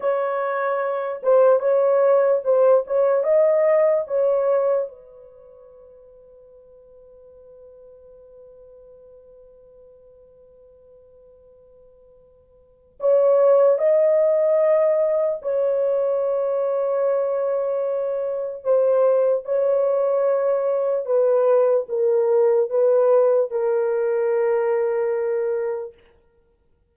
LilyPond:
\new Staff \with { instrumentName = "horn" } { \time 4/4 \tempo 4 = 74 cis''4. c''8 cis''4 c''8 cis''8 | dis''4 cis''4 b'2~ | b'1~ | b'1 |
cis''4 dis''2 cis''4~ | cis''2. c''4 | cis''2 b'4 ais'4 | b'4 ais'2. | }